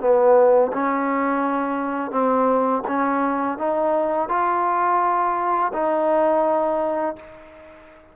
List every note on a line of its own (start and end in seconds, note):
0.00 0.71 B3
0.73 2.11 C#4
2.11 2.82 C4
2.88 3.58 C#4
3.58 4.29 D#4
4.29 5.72 F4
5.73 7.16 D#4